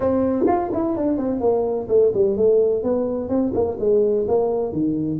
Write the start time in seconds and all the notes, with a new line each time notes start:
0.00 C4
0.47 F4
0.73 E4
0.96 D4
1.17 C4
1.40 A#3
1.88 A3
2.14 G3
2.36 A3
2.83 B3
3.29 C4
3.53 A#3
3.79 G#3
4.28 A#3
4.72 D#3